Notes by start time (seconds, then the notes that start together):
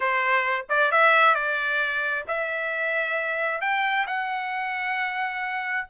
0.00 C5
0.69 D5
0.91 E5
1.34 D5
2.27 E5
3.61 G5
4.06 F#5